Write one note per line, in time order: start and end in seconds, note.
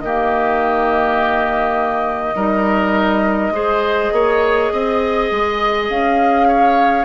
0.00 2.35 D#3
0.00 2.36 A#3
0.00 2.36 G4
0.00 5.88 D#5
2.35 3.51 G3
2.35 3.53 D#4
2.35 3.53 A#4
3.51 4.10 G#3
3.51 7.05 G#4
3.51 4.13 C5
4.12 4.71 A#3
4.12 4.73 C#5
4.73 5.31 C4
4.73 6.48 D#5
5.31 5.89 G#3
5.89 7.05 C#4
5.89 7.05 F5
6.48 7.05 C#5